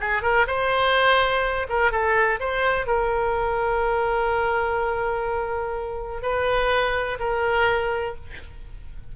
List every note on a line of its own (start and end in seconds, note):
0.00 0.22 G#4
0.22 0.46 A#4
0.47 1.67 C5
1.68 1.91 A#4
1.91 2.39 A4
2.40 2.86 C5
2.86 6.22 A#4
6.22 7.18 B4
7.19 8.15 A#4